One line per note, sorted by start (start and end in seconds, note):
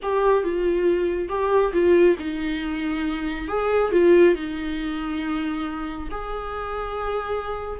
0.02 0.43 G4
0.43 1.28 F4
1.28 1.72 G4
1.73 2.16 F4
2.18 3.48 D#4
3.48 3.91 G#4
3.91 4.34 F4
4.34 6.08 D#4
6.10 7.79 G#4